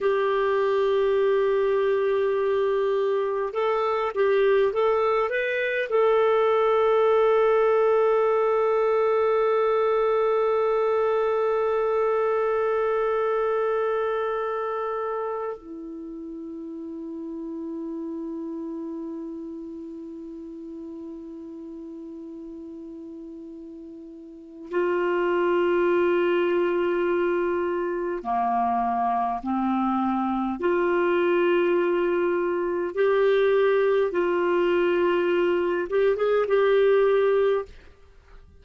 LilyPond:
\new Staff \with { instrumentName = "clarinet" } { \time 4/4 \tempo 4 = 51 g'2. a'8 g'8 | a'8 b'8 a'2.~ | a'1~ | a'4~ a'16 e'2~ e'8.~ |
e'1~ | e'4 f'2. | ais4 c'4 f'2 | g'4 f'4. g'16 gis'16 g'4 | }